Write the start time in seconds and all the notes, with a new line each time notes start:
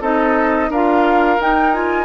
0.00 C4 D#4 A4 D#5
0.69 D4 F4 A#4 F5
1.39 D#4 G5
1.74 F4 G#5